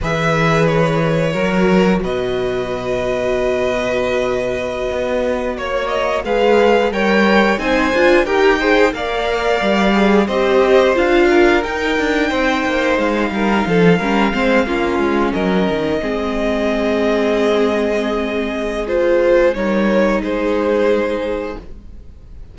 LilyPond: <<
  \new Staff \with { instrumentName = "violin" } { \time 4/4 \tempo 4 = 89 e''4 cis''2 dis''4~ | dis''1~ | dis''16 cis''8 dis''8 f''4 g''4 gis''8.~ | gis''16 g''4 f''2 dis''8.~ |
dis''16 f''4 g''2 f''8.~ | f''2~ f''8. dis''4~ dis''16~ | dis''1 | c''4 cis''4 c''2 | }
  \new Staff \with { instrumentName = "violin" } { \time 4/4 b'2 ais'4 b'4~ | b'1~ | b'16 cis''4 b'4 cis''4 c''8.~ | c''16 ais'8 c''8 d''2 c''8.~ |
c''8. ais'4. c''4. ais'16~ | ais'16 a'8 ais'8 c''8 f'4 ais'4 gis'16~ | gis'1~ | gis'4 ais'4 gis'2 | }
  \new Staff \with { instrumentName = "viola" } { \time 4/4 gis'2 fis'2~ | fis'1~ | fis'4~ fis'16 gis'4 ais'4 dis'8 f'16~ | f'16 g'8 gis'8 ais'4. gis'8 g'8.~ |
g'16 f'4 dis'2~ dis'8.~ | dis'8. cis'8 c'8 cis'2 c'16~ | c'1 | f'4 dis'2. | }
  \new Staff \with { instrumentName = "cello" } { \time 4/4 e2 fis4 b,4~ | b,2.~ b,16 b8.~ | b16 ais4 gis4 g4 c'8 d'16~ | d'16 dis'4 ais4 g4 c'8.~ |
c'16 d'4 dis'8 d'8 c'8 ais8 gis8 g16~ | g16 f8 g8 gis8 ais8 gis8 fis8 dis8 gis16~ | gis1~ | gis4 g4 gis2 | }
>>